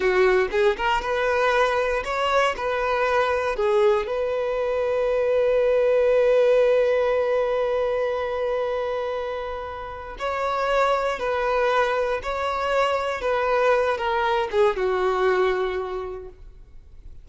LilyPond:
\new Staff \with { instrumentName = "violin" } { \time 4/4 \tempo 4 = 118 fis'4 gis'8 ais'8 b'2 | cis''4 b'2 gis'4 | b'1~ | b'1~ |
b'1 | cis''2 b'2 | cis''2 b'4. ais'8~ | ais'8 gis'8 fis'2. | }